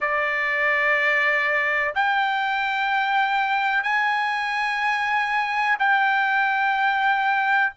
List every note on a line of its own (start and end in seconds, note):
0.00 1.94 D5
1.94 3.83 G5
3.83 5.76 G#5
5.79 7.72 G5